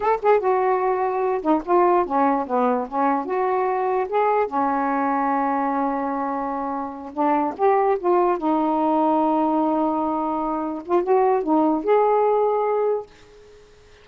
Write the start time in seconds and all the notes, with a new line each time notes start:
0.00 A4
0.22 G#4
0.39 F#4
1.41 D#4
1.65 F4
2.05 C#4
2.47 B3
2.88 C#4
3.25 F#4
4.09 G#4
4.46 C#4
7.13 D4
7.57 G4
7.99 F4
8.37 D#4
10.85 F4
11.03 F#4
11.43 D#4
11.83 G#4